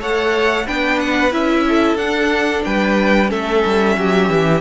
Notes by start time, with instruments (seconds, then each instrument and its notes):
0.00 cello A3, viola A4, violin C#5 F#5
0.66 cello B3, viola D4, violin B4 G5
0.99 violin F#5
1.32 cello C#4, viola E4, violin E5
1.68 violin A4
1.95 cello D4, viola D4, violin F#5
2.65 cello G3, violin B4 G5
3.27 cello A3, viola C#4, violin A4 E5
3.66 cello G3
3.97 cello F#3, violin G4
4.29 cello E3